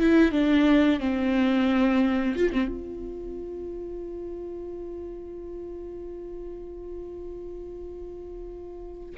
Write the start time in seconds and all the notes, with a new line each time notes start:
0.00 E4
0.32 D4
1.00 C4
2.36 F4
2.53 C4
2.68 F4